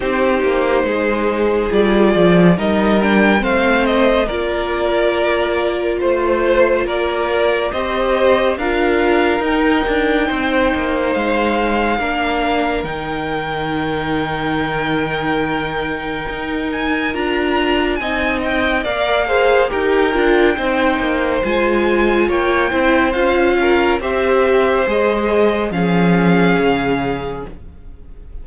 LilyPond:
<<
  \new Staff \with { instrumentName = "violin" } { \time 4/4 \tempo 4 = 70 c''2 d''4 dis''8 g''8 | f''8 dis''8 d''2 c''4 | d''4 dis''4 f''4 g''4~ | g''4 f''2 g''4~ |
g''2.~ g''8 gis''8 | ais''4 gis''8 g''8 f''4 g''4~ | g''4 gis''4 g''4 f''4 | e''4 dis''4 f''2 | }
  \new Staff \with { instrumentName = "violin" } { \time 4/4 g'4 gis'2 ais'4 | c''4 ais'2 c''4 | ais'4 c''4 ais'2 | c''2 ais'2~ |
ais'1~ | ais'4 dis''4 d''8 c''8 ais'4 | c''2 cis''8 c''4 ais'8 | c''2 gis'2 | }
  \new Staff \with { instrumentName = "viola" } { \time 4/4 dis'2 f'4 dis'8 d'8 | c'4 f'2.~ | f'4 g'4 f'4 dis'4~ | dis'2 d'4 dis'4~ |
dis'1 | f'4 dis'4 ais'8 gis'8 g'8 f'8 | dis'4 f'4. e'8 f'4 | g'4 gis'4 cis'2 | }
  \new Staff \with { instrumentName = "cello" } { \time 4/4 c'8 ais8 gis4 g8 f8 g4 | a4 ais2 a4 | ais4 c'4 d'4 dis'8 d'8 | c'8 ais8 gis4 ais4 dis4~ |
dis2. dis'4 | d'4 c'4 ais4 dis'8 d'8 | c'8 ais8 gis4 ais8 c'8 cis'4 | c'4 gis4 f4 cis4 | }
>>